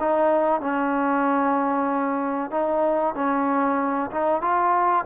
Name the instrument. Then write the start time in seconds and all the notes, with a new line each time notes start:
trombone
0.00 D#4
0.61 C#4
2.51 D#4
3.15 C#4
4.11 D#4
4.42 F4